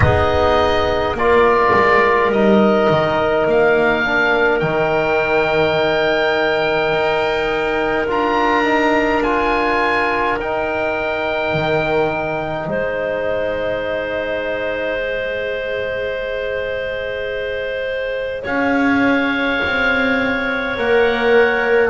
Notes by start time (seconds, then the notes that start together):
0.00 B3 D#4 G#4 D#5
1.13 A#3 F4 A#4 D5
1.73 G#3
2.30 G3 D#4 D#5
2.90 D#3
3.46 A#3 F5
4.04 D4
4.59 D#3 D#4 G5
6.92 D#4
8.07 D4 F4 A#5
8.64 D#4
9.23 F4 G#5
10.38 D#4 G5
11.53 D#3
12.66 G#3 C5 D#5
15.00 G#4
18.42 C#4 C#5 F5
19.65 C4
20.76 A#3 A#4 F#5